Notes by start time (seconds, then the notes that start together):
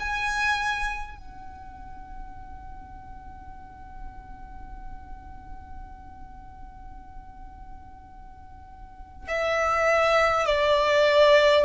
0.00 G#5
1.18 F#5
9.28 E5
10.46 D5